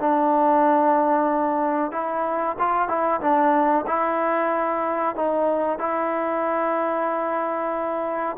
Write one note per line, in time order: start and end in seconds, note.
0.00 1.92 D4
1.92 2.57 E4
2.59 2.89 F4
2.89 3.21 E4
3.21 3.86 D4
3.87 5.16 E4
5.16 5.79 D#4
5.79 8.37 E4